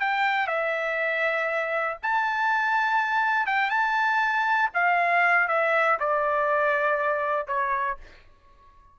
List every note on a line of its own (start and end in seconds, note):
0.00 0.47 G5
0.47 1.97 E5
2.02 3.46 A5
3.46 3.70 G5
3.70 4.70 A5
4.74 5.48 F5
5.48 5.98 E5
6.00 7.47 D5
7.47 7.97 C#5